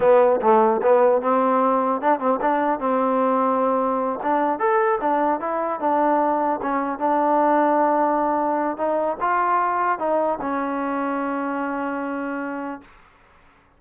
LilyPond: \new Staff \with { instrumentName = "trombone" } { \time 4/4 \tempo 4 = 150 b4 a4 b4 c'4~ | c'4 d'8 c'8 d'4 c'4~ | c'2~ c'8 d'4 a'8~ | a'8 d'4 e'4 d'4.~ |
d'8 cis'4 d'2~ d'8~ | d'2 dis'4 f'4~ | f'4 dis'4 cis'2~ | cis'1 | }